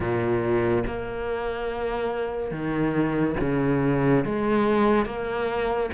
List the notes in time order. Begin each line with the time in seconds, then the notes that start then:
0.00 A#2
0.86 A#3
2.51 D#3
3.40 C#3
4.25 G#3
5.05 A#3